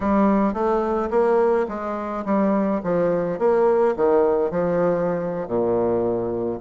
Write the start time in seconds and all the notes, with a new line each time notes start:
0.00 G3
0.53 A3
1.10 A#3
1.68 G#3
2.25 G3
2.83 F3
3.38 A#3
3.96 D#3
4.50 F3
5.47 A#2